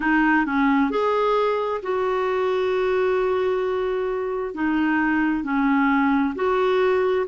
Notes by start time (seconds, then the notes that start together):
0.00 D#4
0.45 C#4
0.90 G#4
1.82 F#4
4.54 D#4
5.43 C#4
6.35 F#4